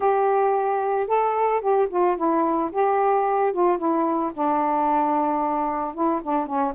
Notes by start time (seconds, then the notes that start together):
0.00 G4
1.07 A4
1.60 G4
1.89 F4
2.16 E4
2.71 G4
3.52 F4
3.78 E4
4.33 D4
5.94 E4
6.22 D4
6.46 C#4